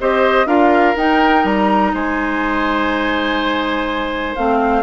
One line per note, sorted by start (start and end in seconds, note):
0.00 0.46 C4
0.00 0.46 G4
0.00 0.47 C5
0.00 0.47 D#5
0.46 0.95 D4
0.46 0.95 F4
0.46 1.92 A#4
0.46 0.96 F5
0.97 1.44 D#4
0.97 4.35 D#4
0.97 1.46 G5
1.44 1.93 G3
1.44 1.95 A#5
1.94 4.36 G#3
1.94 4.83 C5
1.94 4.36 G#5
4.36 4.83 A3
4.36 4.83 C4
4.36 4.83 F5